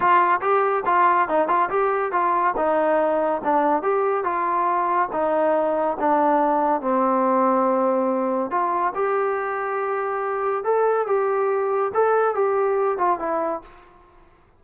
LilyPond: \new Staff \with { instrumentName = "trombone" } { \time 4/4 \tempo 4 = 141 f'4 g'4 f'4 dis'8 f'8 | g'4 f'4 dis'2 | d'4 g'4 f'2 | dis'2 d'2 |
c'1 | f'4 g'2.~ | g'4 a'4 g'2 | a'4 g'4. f'8 e'4 | }